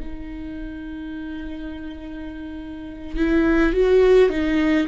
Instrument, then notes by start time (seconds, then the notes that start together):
viola
0.00 D#4
3.16 E4
3.73 F#4
4.30 D#4